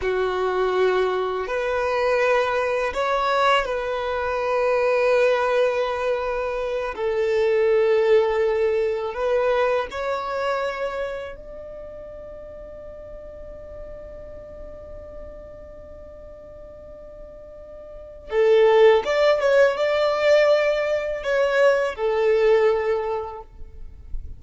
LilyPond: \new Staff \with { instrumentName = "violin" } { \time 4/4 \tempo 4 = 82 fis'2 b'2 | cis''4 b'2.~ | b'4. a'2~ a'8~ | a'8 b'4 cis''2 d''8~ |
d''1~ | d''1~ | d''4 a'4 d''8 cis''8 d''4~ | d''4 cis''4 a'2 | }